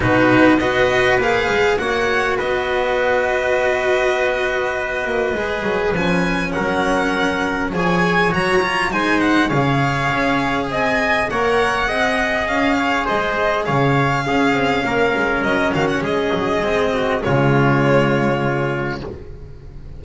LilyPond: <<
  \new Staff \with { instrumentName = "violin" } { \time 4/4 \tempo 4 = 101 b'4 dis''4 f''4 fis''4 | dis''1~ | dis''2 gis''4 fis''4~ | fis''4 gis''4 ais''4 gis''8 fis''8 |
f''2 gis''4 fis''4~ | fis''4 f''4 dis''4 f''4~ | f''2 dis''8 f''16 fis''16 dis''4~ | dis''4 cis''2. | }
  \new Staff \with { instrumentName = "trumpet" } { \time 4/4 fis'4 b'2 cis''4 | b'1~ | b'2. ais'4~ | ais'4 cis''2 c''4 |
cis''2 dis''4 cis''4 | dis''4. cis''8 c''4 cis''4 | gis'4 ais'4. fis'8 gis'4~ | gis'8 fis'8 f'2. | }
  \new Staff \with { instrumentName = "cello" } { \time 4/4 dis'4 fis'4 gis'4 fis'4~ | fis'1~ | fis'4 gis'4 cis'2~ | cis'4 gis'4 fis'8 f'8 dis'4 |
gis'2. ais'4 | gis'1 | cis'1 | c'4 gis2. | }
  \new Staff \with { instrumentName = "double bass" } { \time 4/4 b,4 b4 ais8 gis8 ais4 | b1~ | b8 ais8 gis8 fis8 f4 fis4~ | fis4 f4 fis4 gis4 |
cis4 cis'4 c'4 ais4 | c'4 cis'4 gis4 cis4 | cis'8 c'8 ais8 gis8 fis8 dis8 gis8 fis8 | gis4 cis2. | }
>>